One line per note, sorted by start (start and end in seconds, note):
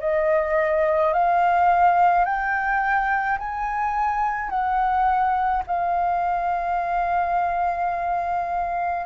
0.00 1.13 D#5
1.13 2.24 F5
2.24 3.38 G5
3.39 4.49 G#5
4.49 5.62 F#5
5.67 9.06 F5